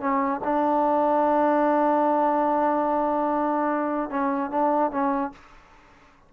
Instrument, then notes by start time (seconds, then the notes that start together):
trombone
0.00 C#4
0.44 D4
4.10 C#4
4.50 D4
4.91 C#4